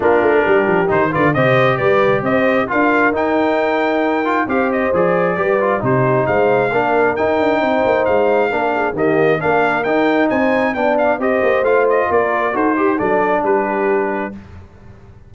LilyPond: <<
  \new Staff \with { instrumentName = "trumpet" } { \time 4/4 \tempo 4 = 134 ais'2 c''8 d''8 dis''4 | d''4 dis''4 f''4 g''4~ | g''2 f''8 dis''8 d''4~ | d''4 c''4 f''2 |
g''2 f''2 | dis''4 f''4 g''4 gis''4 | g''8 f''8 dis''4 f''8 dis''8 d''4 | c''4 d''4 b'2 | }
  \new Staff \with { instrumentName = "horn" } { \time 4/4 f'4 g'4. b'8 c''4 | b'4 c''4 ais'2~ | ais'2 c''2 | b'4 g'4 c''4 ais'4~ |
ais'4 c''2 ais'8 gis'8 | g'4 ais'2 c''4 | d''4 c''2 ais'4 | a'8 g'8 a'4 g'2 | }
  \new Staff \with { instrumentName = "trombone" } { \time 4/4 d'2 dis'8 f'8 g'4~ | g'2 f'4 dis'4~ | dis'4. f'8 g'4 gis'4 | g'8 f'8 dis'2 d'4 |
dis'2. d'4 | ais4 d'4 dis'2 | d'4 g'4 f'2 | fis'8 g'8 d'2. | }
  \new Staff \with { instrumentName = "tuba" } { \time 4/4 ais8 a8 g8 f8 dis8 d8 c4 | g4 c'4 d'4 dis'4~ | dis'2 c'4 f4 | g4 c4 gis4 ais4 |
dis'8 d'8 c'8 ais8 gis4 ais4 | dis4 ais4 dis'4 c'4 | b4 c'8 ais8 a4 ais4 | dis'4 fis4 g2 | }
>>